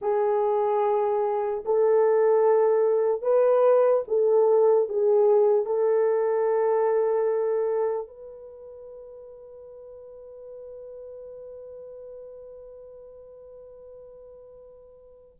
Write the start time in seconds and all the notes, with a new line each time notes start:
0.01 G#4
1.65 A4
3.22 B4
4.07 A4
4.89 G#4
5.65 A4
8.07 B4